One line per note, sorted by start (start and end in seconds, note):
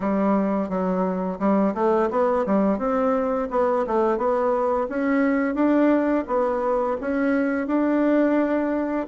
0.00 0.69 G3
0.69 1.39 F#3
1.39 1.74 G3
1.74 2.09 A3
2.10 2.45 B3
2.46 2.78 G3
2.78 3.48 C4
3.50 3.85 B3
3.87 4.17 A3
4.17 4.87 B3
4.89 5.54 C#4
5.54 6.24 D4
6.27 6.96 B3
7.01 7.67 C#4
7.67 9.06 D4